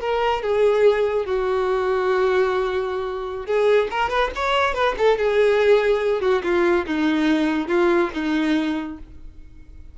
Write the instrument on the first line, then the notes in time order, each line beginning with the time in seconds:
violin
0.00 A#4
0.42 G#4
1.26 F#4
3.46 G#4
3.90 A#4
4.09 B4
4.35 C#5
4.74 B4
4.98 A4
5.18 G#4
6.21 F#4
6.43 F4
6.86 D#4
7.68 F4
8.13 D#4